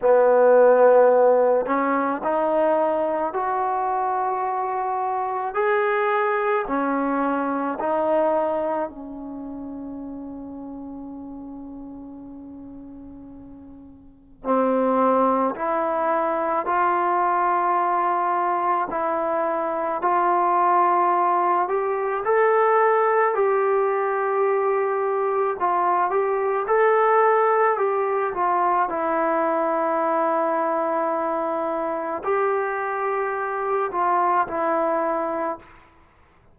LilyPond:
\new Staff \with { instrumentName = "trombone" } { \time 4/4 \tempo 4 = 54 b4. cis'8 dis'4 fis'4~ | fis'4 gis'4 cis'4 dis'4 | cis'1~ | cis'4 c'4 e'4 f'4~ |
f'4 e'4 f'4. g'8 | a'4 g'2 f'8 g'8 | a'4 g'8 f'8 e'2~ | e'4 g'4. f'8 e'4 | }